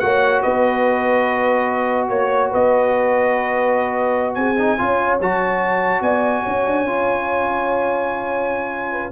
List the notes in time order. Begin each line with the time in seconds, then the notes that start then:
0.00 A#3 F#4 C#5 F#5
0.43 B3 B4 D#5
2.09 A#3 C#5
2.51 B3 B4 D#5
4.35 C4 G#4 G#5
4.58 D#4
4.79 C#4 F4 C#5
5.21 F#3 F#4 A5
6.01 B3 D5 G#5
6.44 C#4 C#5
6.66 D4
6.84 C#4 F4
8.92 B4